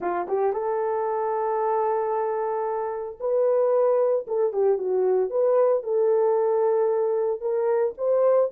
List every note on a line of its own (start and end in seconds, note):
0.00 0.27 F4
0.28 0.53 G4
0.53 3.18 A4
3.20 4.26 B4
4.27 4.53 A4
4.53 4.77 G4
4.77 5.30 F#4
5.30 5.83 B4
5.83 7.40 A4
7.40 7.94 A#4
7.97 8.50 C5